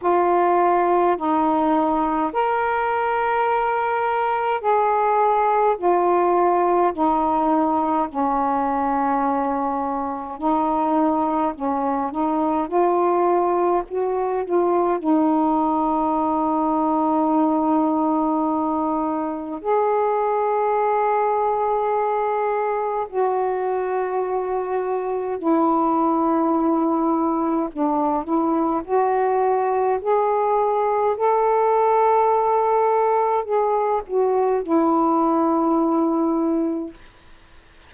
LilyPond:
\new Staff \with { instrumentName = "saxophone" } { \time 4/4 \tempo 4 = 52 f'4 dis'4 ais'2 | gis'4 f'4 dis'4 cis'4~ | cis'4 dis'4 cis'8 dis'8 f'4 | fis'8 f'8 dis'2.~ |
dis'4 gis'2. | fis'2 e'2 | d'8 e'8 fis'4 gis'4 a'4~ | a'4 gis'8 fis'8 e'2 | }